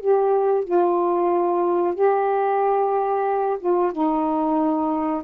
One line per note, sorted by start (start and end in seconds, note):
0.00 0.64 G4
0.64 1.94 F4
1.94 3.58 G4
3.60 3.92 F4
3.92 5.23 D#4